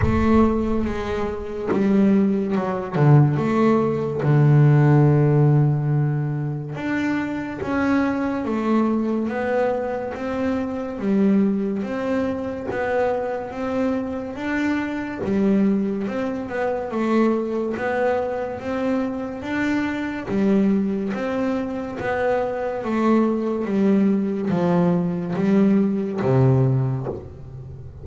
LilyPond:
\new Staff \with { instrumentName = "double bass" } { \time 4/4 \tempo 4 = 71 a4 gis4 g4 fis8 d8 | a4 d2. | d'4 cis'4 a4 b4 | c'4 g4 c'4 b4 |
c'4 d'4 g4 c'8 b8 | a4 b4 c'4 d'4 | g4 c'4 b4 a4 | g4 f4 g4 c4 | }